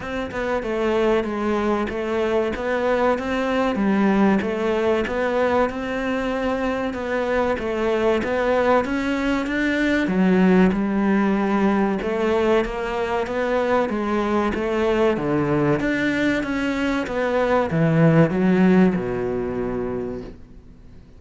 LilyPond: \new Staff \with { instrumentName = "cello" } { \time 4/4 \tempo 4 = 95 c'8 b8 a4 gis4 a4 | b4 c'4 g4 a4 | b4 c'2 b4 | a4 b4 cis'4 d'4 |
fis4 g2 a4 | ais4 b4 gis4 a4 | d4 d'4 cis'4 b4 | e4 fis4 b,2 | }